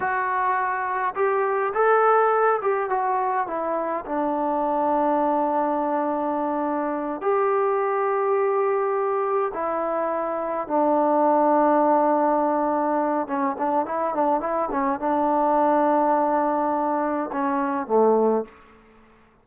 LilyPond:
\new Staff \with { instrumentName = "trombone" } { \time 4/4 \tempo 4 = 104 fis'2 g'4 a'4~ | a'8 g'8 fis'4 e'4 d'4~ | d'1~ | d'8 g'2.~ g'8~ |
g'8 e'2 d'4.~ | d'2. cis'8 d'8 | e'8 d'8 e'8 cis'8 d'2~ | d'2 cis'4 a4 | }